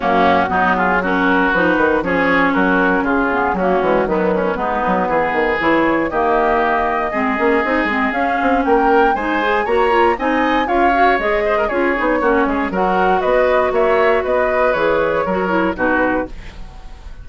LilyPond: <<
  \new Staff \with { instrumentName = "flute" } { \time 4/4 \tempo 4 = 118 fis'4. gis'8 ais'4 b'4 | cis''4 ais'4 gis'4 fis'4 | b'2. cis''4 | dis''1 |
f''4 g''4 gis''4 ais''4 | gis''4 f''4 dis''4 cis''4~ | cis''4 fis''4 dis''4 e''4 | dis''4 cis''2 b'4 | }
  \new Staff \with { instrumentName = "oboe" } { \time 4/4 cis'4 dis'8 f'8 fis'2 | gis'4 fis'4 f'4 cis'4 | b8 cis'8 dis'4 gis'2 | g'2 gis'2~ |
gis'4 ais'4 c''4 cis''4 | dis''4 cis''4. c''16 ais'16 gis'4 | fis'8 gis'8 ais'4 b'4 cis''4 | b'2 ais'4 fis'4 | }
  \new Staff \with { instrumentName = "clarinet" } { \time 4/4 ais4 b4 cis'4 dis'4 | cis'2~ cis'8 b8 ais8 gis8 | fis4 b2 e'4 | ais2 c'8 cis'8 dis'8 c'8 |
cis'2 dis'8 gis'8 fis'8 f'8 | dis'4 f'8 fis'8 gis'4 f'8 dis'8 | cis'4 fis'2.~ | fis'4 gis'4 fis'8 e'8 dis'4 | }
  \new Staff \with { instrumentName = "bassoon" } { \time 4/4 fis,4 fis2 f8 dis8 | f4 fis4 cis4 fis8 e8 | dis4 gis8 fis8 e8 dis8 e4 | dis2 gis8 ais8 c'8 gis8 |
cis'8 c'8 ais4 gis4 ais4 | c'4 cis'4 gis4 cis'8 b8 | ais8 gis8 fis4 b4 ais4 | b4 e4 fis4 b,4 | }
>>